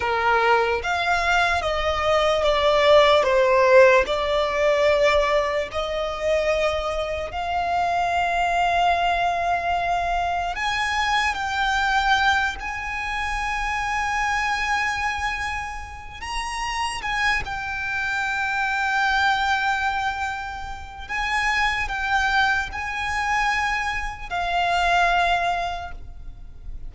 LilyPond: \new Staff \with { instrumentName = "violin" } { \time 4/4 \tempo 4 = 74 ais'4 f''4 dis''4 d''4 | c''4 d''2 dis''4~ | dis''4 f''2.~ | f''4 gis''4 g''4. gis''8~ |
gis''1 | ais''4 gis''8 g''2~ g''8~ | g''2 gis''4 g''4 | gis''2 f''2 | }